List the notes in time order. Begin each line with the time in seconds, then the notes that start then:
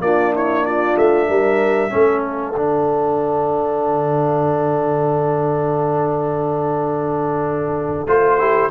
0.00 A#3 D4 F4 D5
0.33 E4 C#5
0.65 F4 D5
0.97 A3 E5
1.27 G3 A#4
1.89 A3 C#4 A4
2.22 F5
2.55 D3 D4
8.07 A3 F4 C5
8.38 E4 G4